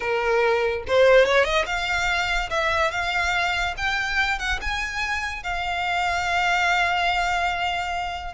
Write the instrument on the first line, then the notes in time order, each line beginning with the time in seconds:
violin
0.00 A#4
0.87 C5
1.25 C#5
1.44 D#5
1.66 F5
2.49 E5
2.91 F5
3.77 G5
4.38 F#5
4.61 G#5
5.43 F5